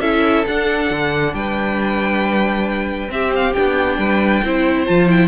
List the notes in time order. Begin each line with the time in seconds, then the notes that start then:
0.00 C#4 E4 A4 E5
0.47 D4 F#5
0.91 D3
1.34 G3 B4 G5
3.08 C4 G4 E5
3.36 F5
3.54 B3 D4 G5
3.98 G3 B4
4.44 C4 E4 C5
4.86 F3 F4 A5
5.08 E4 G5